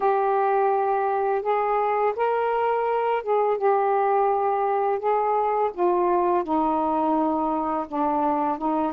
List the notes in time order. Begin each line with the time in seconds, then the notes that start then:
0.00 G4
1.42 G#4
2.16 A#4
3.22 G#4
3.57 G4
4.99 G#4
5.73 F4
6.43 D#4
7.87 D4
8.57 D#4